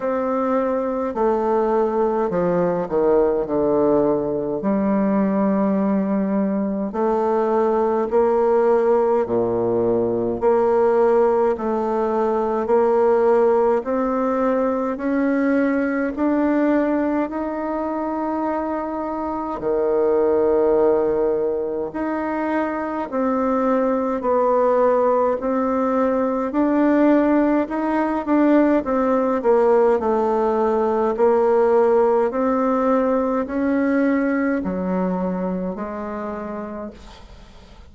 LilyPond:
\new Staff \with { instrumentName = "bassoon" } { \time 4/4 \tempo 4 = 52 c'4 a4 f8 dis8 d4 | g2 a4 ais4 | ais,4 ais4 a4 ais4 | c'4 cis'4 d'4 dis'4~ |
dis'4 dis2 dis'4 | c'4 b4 c'4 d'4 | dis'8 d'8 c'8 ais8 a4 ais4 | c'4 cis'4 fis4 gis4 | }